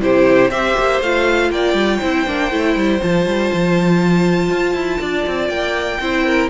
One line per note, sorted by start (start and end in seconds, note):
0.00 0.49 C3
0.00 0.50 E4
0.00 0.51 G4
0.00 0.50 C5
0.49 0.74 C4
0.49 1.02 G4
0.49 1.51 C5
0.49 1.00 E5
0.78 1.01 A#3
1.01 1.50 A3
1.01 2.02 F4
1.01 1.51 F5
1.50 1.73 A#3
1.50 1.98 D5
1.50 3.01 G5
1.73 1.98 G3
1.98 2.26 C4
1.98 2.26 E4
1.98 4.98 C5
2.26 2.51 A#3
2.26 2.51 D4
2.51 2.76 A3
2.51 2.99 E4
2.76 3.01 G3
2.99 3.26 F3
2.99 5.99 F4
2.99 5.49 A5
3.26 3.51 G3
3.53 4.50 F3
4.50 4.74 F4
4.74 4.99 E4
5.00 5.26 D4
5.00 6.00 D5
5.27 5.49 C4
5.49 5.99 A#3
5.49 6.49 G5
6.00 6.50 C4
6.00 6.50 E4
6.00 6.25 C5
6.25 6.50 A#4